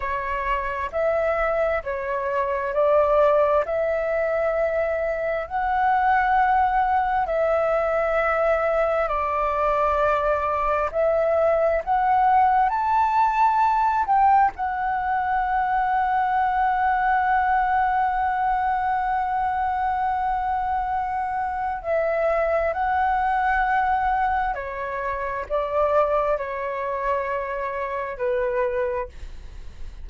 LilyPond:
\new Staff \with { instrumentName = "flute" } { \time 4/4 \tempo 4 = 66 cis''4 e''4 cis''4 d''4 | e''2 fis''2 | e''2 d''2 | e''4 fis''4 a''4. g''8 |
fis''1~ | fis''1 | e''4 fis''2 cis''4 | d''4 cis''2 b'4 | }